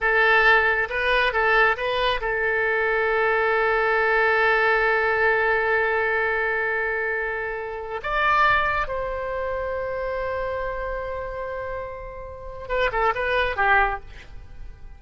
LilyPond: \new Staff \with { instrumentName = "oboe" } { \time 4/4 \tempo 4 = 137 a'2 b'4 a'4 | b'4 a'2.~ | a'1~ | a'1~ |
a'2~ a'16 d''4.~ d''16~ | d''16 c''2.~ c''8.~ | c''1~ | c''4 b'8 a'8 b'4 g'4 | }